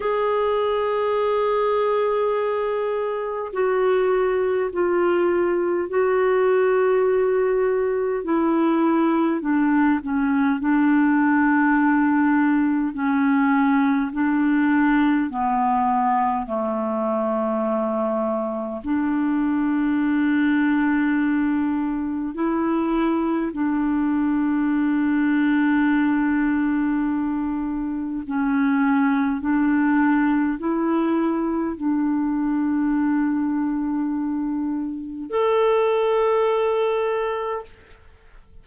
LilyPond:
\new Staff \with { instrumentName = "clarinet" } { \time 4/4 \tempo 4 = 51 gis'2. fis'4 | f'4 fis'2 e'4 | d'8 cis'8 d'2 cis'4 | d'4 b4 a2 |
d'2. e'4 | d'1 | cis'4 d'4 e'4 d'4~ | d'2 a'2 | }